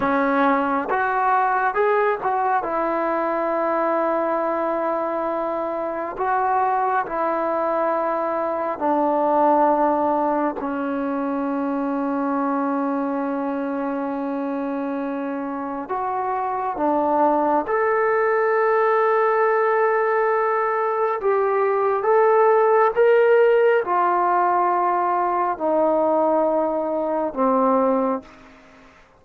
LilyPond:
\new Staff \with { instrumentName = "trombone" } { \time 4/4 \tempo 4 = 68 cis'4 fis'4 gis'8 fis'8 e'4~ | e'2. fis'4 | e'2 d'2 | cis'1~ |
cis'2 fis'4 d'4 | a'1 | g'4 a'4 ais'4 f'4~ | f'4 dis'2 c'4 | }